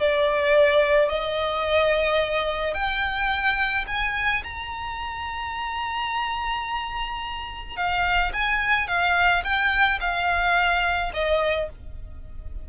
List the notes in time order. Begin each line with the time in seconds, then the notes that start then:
0.00 D5
1.09 D#5
2.74 G5
3.88 G#5
4.44 A#5
7.77 F5
8.33 G#5
8.88 F5
9.44 G5
10.01 F5
11.14 D#5